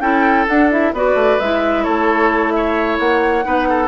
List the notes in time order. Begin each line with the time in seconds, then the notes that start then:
0.00 C#4 E4 A4 G5
0.48 D4 F#5
0.72 E4 E5
0.93 B3 F#4 B4 D5
1.14 A3
1.40 G#3 E4 E5
1.84 A3 A4 C#5
2.52 C#5 E5
2.99 A#3 F#5
3.44 B3 D#4 B4
3.69 A4